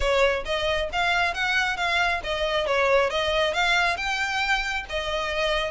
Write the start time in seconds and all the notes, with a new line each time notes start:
0.00 C#5
0.45 D#5
0.92 F5
1.34 F#5
1.76 F5
2.23 D#5
2.66 C#5
3.10 D#5
3.53 F5
3.97 G5
4.89 D#5